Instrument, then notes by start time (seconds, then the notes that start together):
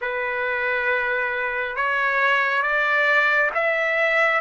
trumpet
0.01 B4
1.76 C#5
2.62 D5
3.54 E5